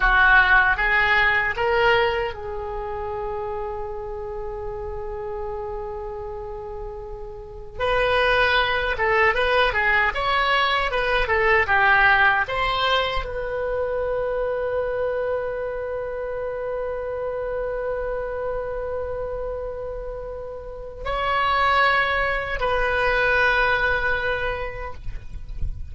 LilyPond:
\new Staff \with { instrumentName = "oboe" } { \time 4/4 \tempo 4 = 77 fis'4 gis'4 ais'4 gis'4~ | gis'1~ | gis'2 b'4. a'8 | b'8 gis'8 cis''4 b'8 a'8 g'4 |
c''4 b'2.~ | b'1~ | b'2. cis''4~ | cis''4 b'2. | }